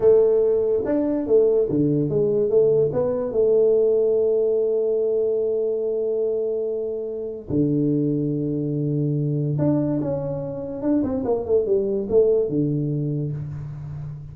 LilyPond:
\new Staff \with { instrumentName = "tuba" } { \time 4/4 \tempo 4 = 144 a2 d'4 a4 | d4 gis4 a4 b4 | a1~ | a1~ |
a2 d2~ | d2. d'4 | cis'2 d'8 c'8 ais8 a8 | g4 a4 d2 | }